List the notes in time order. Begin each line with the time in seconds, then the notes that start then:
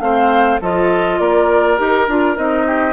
0.00 A3 C4 C5 F5
0.62 F3 F4 A4 D#5
1.20 A#3 A#4 D5
1.78 D#4 G4 A#4
2.08 D4 F4
2.35 C4 D#4 D#5
2.67 G4